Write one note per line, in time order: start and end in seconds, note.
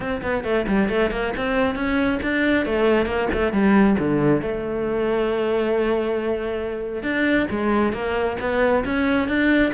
0.00 0.21 C4
0.21 0.44 B3
0.44 0.66 A3
0.67 0.89 G3
0.89 1.10 A3
1.10 1.33 A#3
1.37 1.75 C4
1.75 2.19 C#4
2.22 2.65 D4
2.65 3.05 A3
3.05 3.27 A#3
3.33 3.52 A3
3.52 3.96 G3
3.98 4.41 D3
4.41 7.02 A3
7.02 7.46 D4
7.50 7.92 G#3
7.92 8.36 A#3
8.40 8.84 B3
8.84 9.27 C#4
9.27 9.72 D4